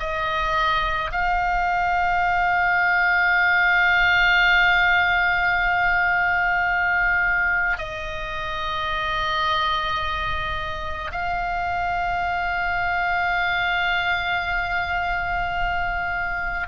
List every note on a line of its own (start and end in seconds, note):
0.00 1.11 D#5
1.12 7.78 F5
7.78 11.12 D#5
11.12 16.68 F5